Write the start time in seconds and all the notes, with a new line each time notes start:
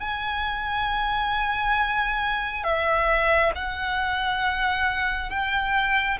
0.00 G#5
2.63 E5
3.55 F#5
5.29 G5